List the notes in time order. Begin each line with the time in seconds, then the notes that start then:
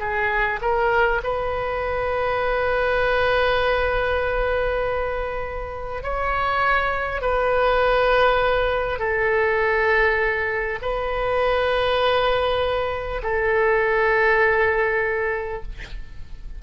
0.00 G#4
0.62 A#4
1.24 B4
6.03 C#5
7.22 B4
8.99 A4
10.82 B4
13.23 A4